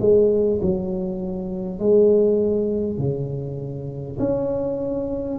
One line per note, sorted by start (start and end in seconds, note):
0.00 0.60 G#3
0.62 1.79 F#3
1.79 2.98 G#3
2.98 4.18 C#3
4.19 5.38 C#4